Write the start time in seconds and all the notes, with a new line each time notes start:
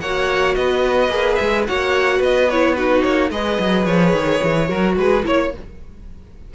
0.00 A#3 F#4 C#5 F#5
0.55 B3 B4 D#5
1.09 A#3 G#4
1.35 G#3 E5
1.67 A#3 F#4 C#5 F#5
2.18 B3 B4 D#5
2.50 E4 C#5
2.75 D#4 F#4 B4
3.02 A#3 C#5
3.30 G#3 G#4 B4 D#5
3.59 F#3
3.85 F3 C#5
4.13 D#3
4.43 E3
4.68 F#3 F#4 A#4
4.96 G#3 G#4 B4
5.23 A#3 E4 C#5